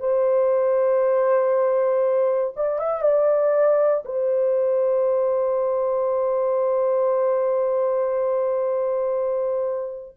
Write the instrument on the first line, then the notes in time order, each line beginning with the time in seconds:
horn
0.00 C5
2.57 D5
2.79 E5
3.02 D5
4.05 C5